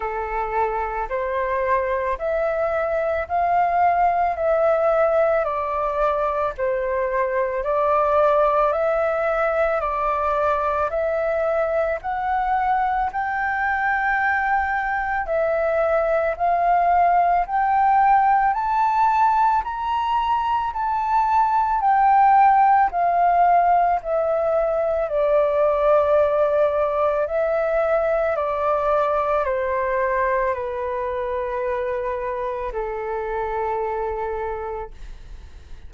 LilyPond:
\new Staff \with { instrumentName = "flute" } { \time 4/4 \tempo 4 = 55 a'4 c''4 e''4 f''4 | e''4 d''4 c''4 d''4 | e''4 d''4 e''4 fis''4 | g''2 e''4 f''4 |
g''4 a''4 ais''4 a''4 | g''4 f''4 e''4 d''4~ | d''4 e''4 d''4 c''4 | b'2 a'2 | }